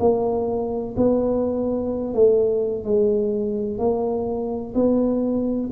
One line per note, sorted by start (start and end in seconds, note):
0.00 0.95 A#3
0.97 2.14 B3
2.14 2.84 A3
2.84 3.78 G#3
3.78 4.74 A#3
4.75 5.70 B3